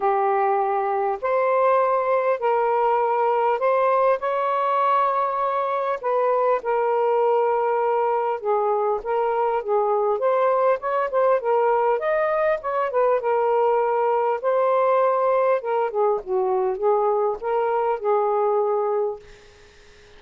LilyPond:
\new Staff \with { instrumentName = "saxophone" } { \time 4/4 \tempo 4 = 100 g'2 c''2 | ais'2 c''4 cis''4~ | cis''2 b'4 ais'4~ | ais'2 gis'4 ais'4 |
gis'4 c''4 cis''8 c''8 ais'4 | dis''4 cis''8 b'8 ais'2 | c''2 ais'8 gis'8 fis'4 | gis'4 ais'4 gis'2 | }